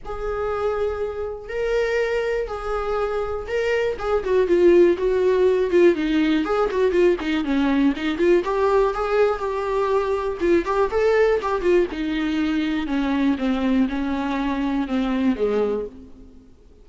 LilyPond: \new Staff \with { instrumentName = "viola" } { \time 4/4 \tempo 4 = 121 gis'2. ais'4~ | ais'4 gis'2 ais'4 | gis'8 fis'8 f'4 fis'4. f'8 | dis'4 gis'8 fis'8 f'8 dis'8 cis'4 |
dis'8 f'8 g'4 gis'4 g'4~ | g'4 f'8 g'8 a'4 g'8 f'8 | dis'2 cis'4 c'4 | cis'2 c'4 gis4 | }